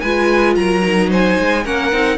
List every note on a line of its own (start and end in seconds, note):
0.00 0.57 G#3
0.00 0.82 F4
0.00 0.56 B4
0.00 0.54 G#5
0.56 1.38 F#3
0.56 1.10 A#4
0.56 1.10 A#5
0.82 1.63 D#4
1.10 1.64 C5
1.10 1.66 G#5
1.39 1.66 G#3
1.64 1.92 A#3
1.64 1.92 C#4
1.64 2.17 A#4
1.64 2.17 F#5
1.92 2.17 C4
1.92 2.17 D#4